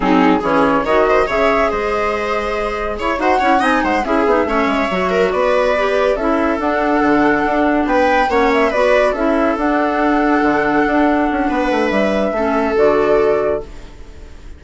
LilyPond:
<<
  \new Staff \with { instrumentName = "flute" } { \time 4/4 \tempo 4 = 141 gis'4 cis''4 dis''4 e''4 | dis''2. cis''8 fis''8~ | fis''8 gis''8 fis''8 e''2~ e''8~ | e''8 d''2 e''4 fis''8~ |
fis''2~ fis''8 g''4 fis''8 | e''8 d''4 e''4 fis''4.~ | fis''1 | e''2 d''2 | }
  \new Staff \with { instrumentName = "viola" } { \time 4/4 dis'4 gis'4 cis''8 c''8 cis''4 | c''2. cis''8 c''8 | cis''8 dis''8 c''8 gis'4 cis''4. | ais'8 b'2 a'4.~ |
a'2~ a'8 b'4 cis''8~ | cis''8 b'4 a'2~ a'8~ | a'2. b'4~ | b'4 a'2. | }
  \new Staff \with { instrumentName = "clarinet" } { \time 4/4 c'4 cis'4 fis'4 gis'4~ | gis'2.~ gis'8 fis'8 | e'8 dis'4 e'8 dis'8 cis'4 fis'8~ | fis'4. g'4 e'4 d'8~ |
d'2.~ d'8 cis'8~ | cis'8 fis'4 e'4 d'4.~ | d'1~ | d'4 cis'4 fis'2 | }
  \new Staff \with { instrumentName = "bassoon" } { \time 4/4 fis4 e4 dis4 cis4 | gis2. e'8 dis'8 | cis'8 c'8 gis8 cis'8 b8 a8 gis8 fis8~ | fis8 b2 cis'4 d'8~ |
d'8 d4 d'4 b4 ais8~ | ais8 b4 cis'4 d'4.~ | d'8 d4 d'4 cis'8 b8 a8 | g4 a4 d2 | }
>>